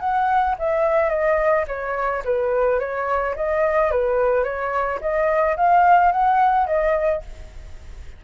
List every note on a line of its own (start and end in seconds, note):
0.00 0.56 F#5
0.59 1.10 E5
1.10 1.65 D#5
1.68 2.23 C#5
2.25 2.80 B4
2.80 3.35 C#5
3.36 3.91 D#5
3.91 4.44 B4
4.44 4.99 C#5
5.01 5.57 D#5
5.57 6.12 F5
6.12 6.67 F#5
6.67 7.22 D#5